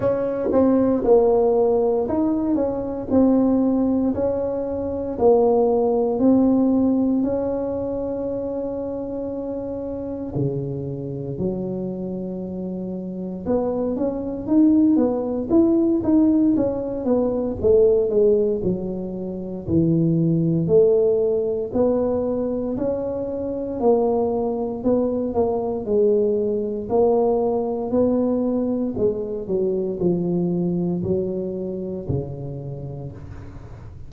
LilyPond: \new Staff \with { instrumentName = "tuba" } { \time 4/4 \tempo 4 = 58 cis'8 c'8 ais4 dis'8 cis'8 c'4 | cis'4 ais4 c'4 cis'4~ | cis'2 cis4 fis4~ | fis4 b8 cis'8 dis'8 b8 e'8 dis'8 |
cis'8 b8 a8 gis8 fis4 e4 | a4 b4 cis'4 ais4 | b8 ais8 gis4 ais4 b4 | gis8 fis8 f4 fis4 cis4 | }